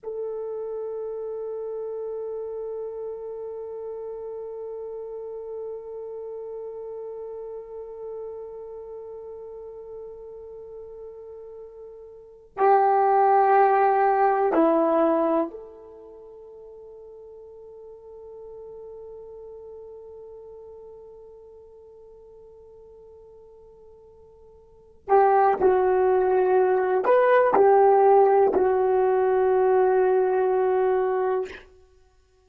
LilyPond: \new Staff \with { instrumentName = "horn" } { \time 4/4 \tempo 4 = 61 a'1~ | a'1~ | a'1~ | a'8. g'2 e'4 a'16~ |
a'1~ | a'1~ | a'4. g'8 fis'4. b'8 | g'4 fis'2. | }